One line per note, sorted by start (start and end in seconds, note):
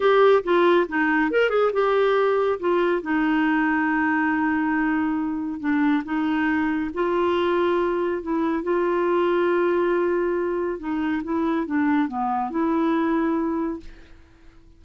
0.00 0.43 G4
0.43 0.87 F4
0.88 1.31 D#4
1.31 1.49 A#4
1.49 1.71 G#4
1.72 2.59 G4
2.59 3.02 F4
3.02 5.60 D#4
5.60 6.03 D4
6.04 6.90 D#4
6.94 8.22 F4
8.22 8.63 E4
8.63 10.79 F4
10.79 11.22 D#4
11.23 11.66 E4
11.66 12.08 D4
12.08 12.50 B3
12.50 13.80 E4